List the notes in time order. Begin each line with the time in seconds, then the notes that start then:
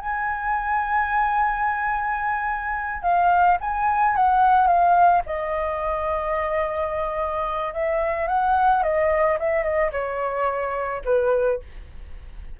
0.00 G#5
3.03 F5
3.61 G#5
4.16 F#5
4.67 F5
5.26 D#5
7.73 E5
8.27 F#5
8.83 D#5
9.39 E5
9.63 D#5
9.92 C#5
11.05 B4